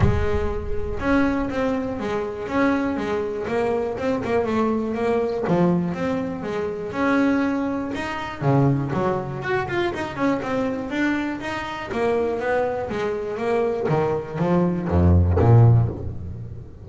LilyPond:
\new Staff \with { instrumentName = "double bass" } { \time 4/4 \tempo 4 = 121 gis2 cis'4 c'4 | gis4 cis'4 gis4 ais4 | c'8 ais8 a4 ais4 f4 | c'4 gis4 cis'2 |
dis'4 cis4 fis4 fis'8 f'8 | dis'8 cis'8 c'4 d'4 dis'4 | ais4 b4 gis4 ais4 | dis4 f4 f,4 ais,4 | }